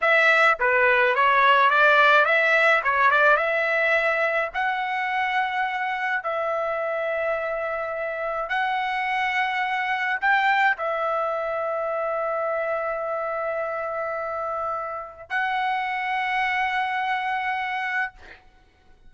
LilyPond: \new Staff \with { instrumentName = "trumpet" } { \time 4/4 \tempo 4 = 106 e''4 b'4 cis''4 d''4 | e''4 cis''8 d''8 e''2 | fis''2. e''4~ | e''2. fis''4~ |
fis''2 g''4 e''4~ | e''1~ | e''2. fis''4~ | fis''1 | }